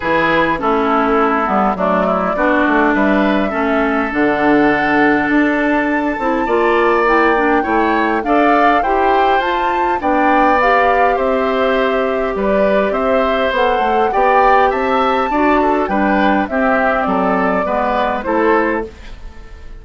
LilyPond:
<<
  \new Staff \with { instrumentName = "flute" } { \time 4/4 \tempo 4 = 102 b'4 a'2 d''4~ | d''4 e''2 fis''4~ | fis''4 a''2. | g''2 f''4 g''4 |
a''4 g''4 f''4 e''4~ | e''4 d''4 e''4 fis''4 | g''4 a''2 g''4 | e''4 d''2 c''4 | }
  \new Staff \with { instrumentName = "oboe" } { \time 4/4 gis'4 e'2 d'8 e'8 | fis'4 b'4 a'2~ | a'2. d''4~ | d''4 cis''4 d''4 c''4~ |
c''4 d''2 c''4~ | c''4 b'4 c''2 | d''4 e''4 d''8 a'8 b'4 | g'4 a'4 b'4 a'4 | }
  \new Staff \with { instrumentName = "clarinet" } { \time 4/4 e'4 cis'4. b8 a4 | d'2 cis'4 d'4~ | d'2~ d'8 e'8 f'4 | e'8 d'8 e'4 a'4 g'4 |
f'4 d'4 g'2~ | g'2. a'4 | g'2 fis'4 d'4 | c'2 b4 e'4 | }
  \new Staff \with { instrumentName = "bassoon" } { \time 4/4 e4 a4. g8 fis4 | b8 a8 g4 a4 d4~ | d4 d'4. c'8 ais4~ | ais4 a4 d'4 e'4 |
f'4 b2 c'4~ | c'4 g4 c'4 b8 a8 | b4 c'4 d'4 g4 | c'4 fis4 gis4 a4 | }
>>